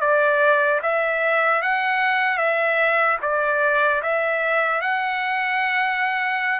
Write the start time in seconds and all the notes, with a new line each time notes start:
0.00 D5
0.82 E5
1.61 F#5
2.37 E5
3.22 D5
4.02 E5
4.81 F#5